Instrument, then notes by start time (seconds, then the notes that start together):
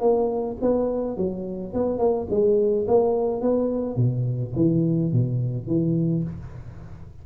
tuba
0.00 A#3
0.61 B3
1.17 F#3
1.73 B3
1.99 A#3
2.30 G#3
2.87 A#3
3.41 B3
3.96 B2
4.56 E3
5.12 B2
5.67 E3